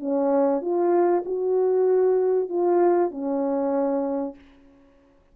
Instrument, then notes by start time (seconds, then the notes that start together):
horn
0.00 C#4
0.62 F4
1.26 F#4
2.49 F4
3.11 C#4